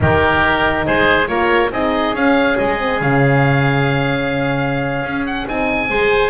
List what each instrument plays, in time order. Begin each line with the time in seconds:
0.00 double bass D#3, horn D#4, oboe G4 A#4
0.85 double bass G#3, oboe G#4 C5
1.27 double bass A#3, horn F4, oboe A#4 C#5
1.70 double bass C4, horn D#4, oboe G#4 D#5
2.13 double bass C#4, horn C#4, oboe F5
2.58 double bass G#3, oboe D#5
2.78 horn C4
3.00 double bass C#3, horn C#4, oboe F5
5.02 double bass C#4
5.25 oboe F#5
5.46 double bass C4, horn D#4, oboe G#5
5.89 double bass G#3, horn G#4, oboe C5